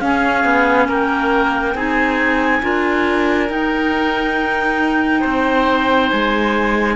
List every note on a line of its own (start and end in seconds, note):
0.00 1.74 C#4
0.00 0.45 C#4
0.00 0.88 G#4
0.00 0.87 F5
0.45 0.88 B3
0.88 1.75 A#3
0.88 1.75 A#4
0.88 1.78 G5
1.75 2.62 C4
1.75 2.62 D#4
1.75 2.62 G#4
1.75 3.51 G#5
2.62 3.50 D4
2.62 3.49 F4
2.62 5.20 A#4
3.49 6.96 D#4
3.49 5.24 D#4
3.49 6.10 G5
5.20 6.11 C4
5.20 6.94 C5
6.10 6.96 G#3
6.10 6.96 G#5